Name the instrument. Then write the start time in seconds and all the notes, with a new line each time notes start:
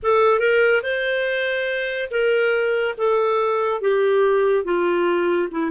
clarinet
0.02 A4
0.39 A#4
0.83 C5
2.10 A#4
2.97 A4
3.81 G4
4.64 F4
5.51 E4